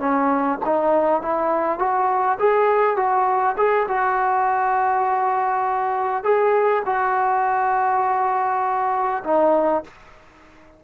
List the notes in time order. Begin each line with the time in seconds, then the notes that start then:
0.00 C#4
0.66 D#4
1.22 E4
1.79 F#4
2.40 G#4
2.97 F#4
3.58 G#4
3.89 F#4
6.24 G#4
6.86 F#4
9.25 D#4